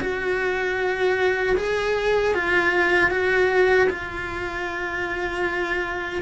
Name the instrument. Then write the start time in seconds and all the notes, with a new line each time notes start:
cello
0.00 F#4
1.57 G#4
2.34 F4
3.10 F#4
3.89 F4